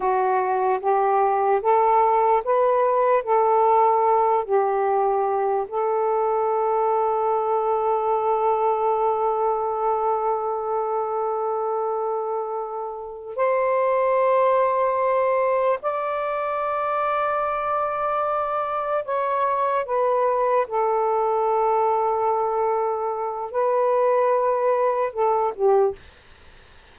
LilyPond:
\new Staff \with { instrumentName = "saxophone" } { \time 4/4 \tempo 4 = 74 fis'4 g'4 a'4 b'4 | a'4. g'4. a'4~ | a'1~ | a'1~ |
a'8 c''2. d''8~ | d''2.~ d''8 cis''8~ | cis''8 b'4 a'2~ a'8~ | a'4 b'2 a'8 g'8 | }